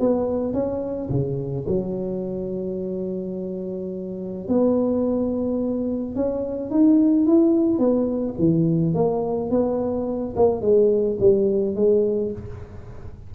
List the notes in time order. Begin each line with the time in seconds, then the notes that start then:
0.00 B3
0.54 C#4
1.10 C#3
1.68 F#3
4.49 B3
6.16 C#4
6.71 D#4
7.26 E4
7.79 B3
8.39 E3
8.94 A#3
9.51 B3
10.37 A#3
10.62 G#3
11.20 G3
11.76 G#3